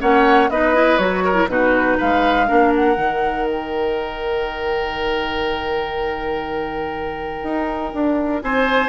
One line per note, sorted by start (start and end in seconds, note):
0.00 0.50 A#3
0.00 0.50 C#4
0.00 0.50 C#5
0.00 0.50 F#5
0.50 0.99 B3
0.50 0.75 D#4
0.50 1.25 B4
0.50 0.98 D#5
0.75 1.00 E4
0.98 1.48 F#3
0.98 1.34 F#4
0.98 1.48 C#5
1.25 1.49 A#4
1.34 1.47 E4
1.48 1.97 B2
1.48 2.47 D#4
1.48 1.98 F#4
1.48 1.99 B4
1.98 2.51 G#3
1.98 2.47 B4
1.98 2.74 F5
2.47 2.97 A#3
2.47 2.96 D4
2.47 8.43 A#4
2.75 3.47 F#5
2.96 7.43 D#3
2.96 8.89 D#4
3.47 8.43 G5
7.43 7.93 D#4
7.94 8.43 D4
8.43 8.89 C4
8.43 8.89 C5
8.43 8.89 G#5